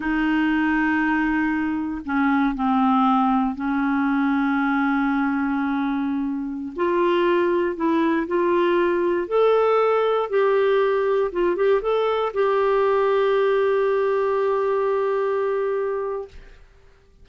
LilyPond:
\new Staff \with { instrumentName = "clarinet" } { \time 4/4 \tempo 4 = 118 dis'1 | cis'4 c'2 cis'4~ | cis'1~ | cis'4~ cis'16 f'2 e'8.~ |
e'16 f'2 a'4.~ a'16~ | a'16 g'2 f'8 g'8 a'8.~ | a'16 g'2.~ g'8.~ | g'1 | }